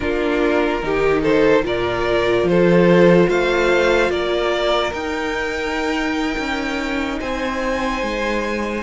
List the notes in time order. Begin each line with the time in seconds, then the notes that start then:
0.00 A#3 D4 F4 A#4
0.82 D#3 D#4 G4
1.21 A4 C5
1.62 A#2 F4 A#4 D5
2.43 F3 C5
2.50 A4
3.29 A3 C5 F5
4.10 A#3 A#4 D5
4.92 D#4 G5
6.37 C#4
7.19 C4 C5 G#5
8.02 G#3